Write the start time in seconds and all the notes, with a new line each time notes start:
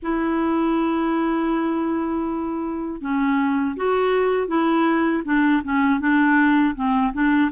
0.02 E4
3.01 C#4
3.76 F#4
4.47 E4
5.25 D4
5.64 C#4
6.00 D4
6.75 C4
7.13 D4